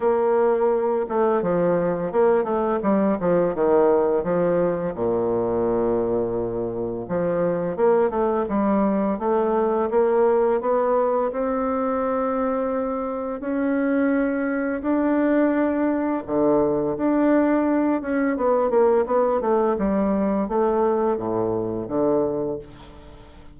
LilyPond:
\new Staff \with { instrumentName = "bassoon" } { \time 4/4 \tempo 4 = 85 ais4. a8 f4 ais8 a8 | g8 f8 dis4 f4 ais,4~ | ais,2 f4 ais8 a8 | g4 a4 ais4 b4 |
c'2. cis'4~ | cis'4 d'2 d4 | d'4. cis'8 b8 ais8 b8 a8 | g4 a4 a,4 d4 | }